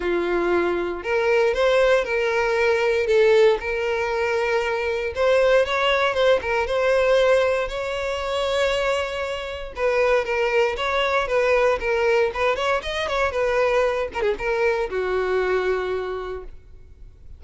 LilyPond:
\new Staff \with { instrumentName = "violin" } { \time 4/4 \tempo 4 = 117 f'2 ais'4 c''4 | ais'2 a'4 ais'4~ | ais'2 c''4 cis''4 | c''8 ais'8 c''2 cis''4~ |
cis''2. b'4 | ais'4 cis''4 b'4 ais'4 | b'8 cis''8 dis''8 cis''8 b'4. ais'16 gis'16 | ais'4 fis'2. | }